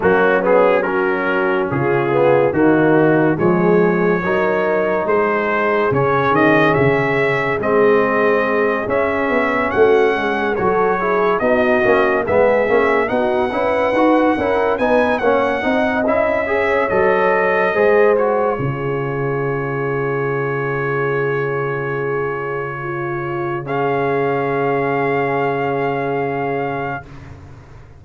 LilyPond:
<<
  \new Staff \with { instrumentName = "trumpet" } { \time 4/4 \tempo 4 = 71 fis'8 gis'8 ais'4 gis'4 fis'4 | cis''2 c''4 cis''8 dis''8 | e''4 dis''4. e''4 fis''8~ | fis''8 cis''4 dis''4 e''4 fis''8~ |
fis''4. gis''8 fis''4 e''4 | dis''4. cis''2~ cis''8~ | cis''1 | f''1 | }
  \new Staff \with { instrumentName = "horn" } { \time 4/4 cis'4 fis'4 f'4 dis'4 | gis'4 ais'4 gis'2~ | gis'2.~ gis'8 fis'8 | gis'8 a'8 gis'8 fis'4 gis'4 fis'8 |
b'4 ais'8 b'8 cis''8 dis''4 cis''8~ | cis''4 c''4 gis'2~ | gis'2. f'4 | gis'1 | }
  \new Staff \with { instrumentName = "trombone" } { \time 4/4 ais8 b8 cis'4. b8 ais4 | gis4 dis'2 cis'4~ | cis'4 c'4. cis'4.~ | cis'8 fis'8 e'8 dis'8 cis'8 b8 cis'8 dis'8 |
e'8 fis'8 e'8 dis'8 cis'8 dis'8 e'8 gis'8 | a'4 gis'8 fis'8 f'2~ | f'1 | cis'1 | }
  \new Staff \with { instrumentName = "tuba" } { \time 4/4 fis2 cis4 dis4 | f4 fis4 gis4 cis8 dis8 | cis4 gis4. cis'8 b8 a8 | gis8 fis4 b8 ais8 gis8 ais8 b8 |
cis'8 dis'8 cis'8 b8 ais8 c'8 cis'4 | fis4 gis4 cis2~ | cis1~ | cis1 | }
>>